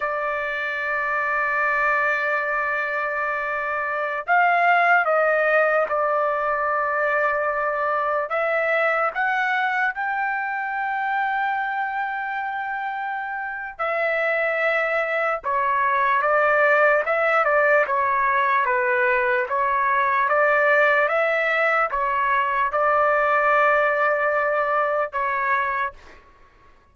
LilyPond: \new Staff \with { instrumentName = "trumpet" } { \time 4/4 \tempo 4 = 74 d''1~ | d''4~ d''16 f''4 dis''4 d''8.~ | d''2~ d''16 e''4 fis''8.~ | fis''16 g''2.~ g''8.~ |
g''4 e''2 cis''4 | d''4 e''8 d''8 cis''4 b'4 | cis''4 d''4 e''4 cis''4 | d''2. cis''4 | }